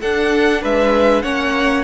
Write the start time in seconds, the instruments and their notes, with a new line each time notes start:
0.00 cello D4, viola D4, violin A4 F#5
0.62 cello G#3, violin B4 E5
1.22 cello A#3, viola C#4, violin C#5 F#5